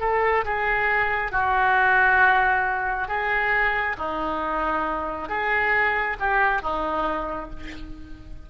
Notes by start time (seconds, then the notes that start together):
0.00 A4
0.45 G#4
1.32 F#4
3.08 G#4
3.98 D#4
5.29 G#4
6.20 G4
6.62 D#4